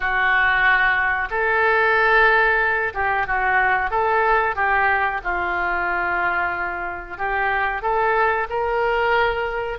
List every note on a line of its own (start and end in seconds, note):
0.00 1.29 F#4
1.30 2.93 A4
2.93 3.26 G4
3.26 3.90 F#4
3.90 4.55 A4
4.55 5.21 G4
5.23 7.17 F4
7.17 7.82 G4
7.82 8.47 A4
8.49 9.78 A#4